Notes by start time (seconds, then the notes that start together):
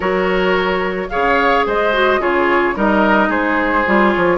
0.00 F#3 F#4 A#4 C#5
1.09 C#3 G#4 C#5 F5
1.66 G#3 C5 D#5
1.92 F#4
2.19 C#3 F4 G#4 C#5
2.74 G3 D#4 A#4 D#5
3.28 G#3 G#4 C5
3.86 G3 F4
4.12 F3 C#5